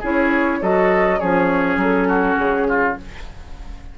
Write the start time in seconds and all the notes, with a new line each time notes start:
0.00 C#4 E4 G#4 C#5
0.62 F#3 F#4 A4 D#5
1.20 F3 C#4 G#4 C#5
1.77 F#3 A4
2.08 F#4
2.37 C#3 G#4
2.69 F4